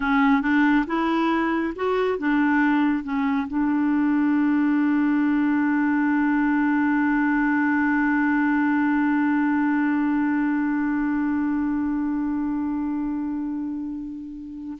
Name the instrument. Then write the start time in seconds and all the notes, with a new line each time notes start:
clarinet
0.00 C#4
0.42 D4
0.86 E4
1.75 F#4
2.18 D4
3.03 C#4
3.47 D4